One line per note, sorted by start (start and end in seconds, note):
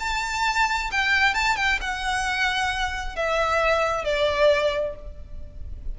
0.00 0.91 A5
0.92 1.35 G5
1.35 1.56 A5
1.56 1.79 G5
1.81 3.16 F#5
3.16 4.05 E5
4.05 4.95 D5